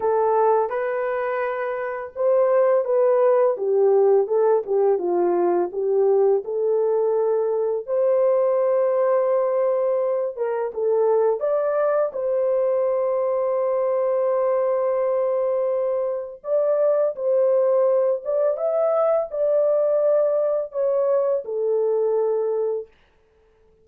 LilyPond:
\new Staff \with { instrumentName = "horn" } { \time 4/4 \tempo 4 = 84 a'4 b'2 c''4 | b'4 g'4 a'8 g'8 f'4 | g'4 a'2 c''4~ | c''2~ c''8 ais'8 a'4 |
d''4 c''2.~ | c''2. d''4 | c''4. d''8 e''4 d''4~ | d''4 cis''4 a'2 | }